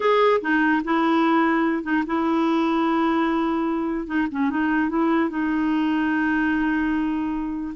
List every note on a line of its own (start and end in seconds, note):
0.00 0.40 G#4
0.41 0.82 D#4
0.84 1.83 E4
1.83 2.03 D#4
2.06 4.06 E4
4.06 4.27 D#4
4.31 4.50 C#4
4.50 4.89 D#4
4.89 5.29 E4
5.29 7.74 D#4